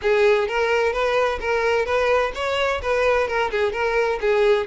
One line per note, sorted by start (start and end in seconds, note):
0.02 0.48 G#4
0.48 0.92 A#4
0.92 1.39 B4
1.40 1.85 A#4
1.85 2.32 B4
2.34 2.81 C#5
2.82 3.27 B4
3.27 3.50 A#4
3.51 3.72 G#4
3.72 4.19 A#4
4.21 4.66 G#4